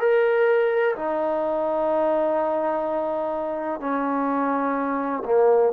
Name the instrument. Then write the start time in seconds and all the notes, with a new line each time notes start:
trombone
0.00 A#4
0.96 D#4
3.81 C#4
5.26 A#3